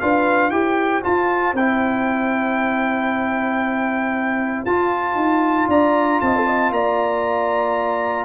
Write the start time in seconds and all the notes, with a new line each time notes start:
0.00 D4 F4 B4 F5
0.51 E4 G4 C5 G5
1.03 F4 A5
1.53 C4 E4 G5
4.65 F4 A5
5.15 D#4
5.68 D4 D5 A#5
6.21 C4 D#5 A5
6.36 A4
6.47 D#5
6.71 A#3 D5 A#5